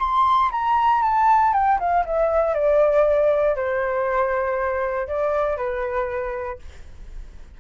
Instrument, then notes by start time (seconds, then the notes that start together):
flute
0.00 C6
0.52 A#5
1.03 A5
1.54 G5
1.80 F5
2.06 E5
2.55 D5
3.56 C5
5.08 D5
5.58 B4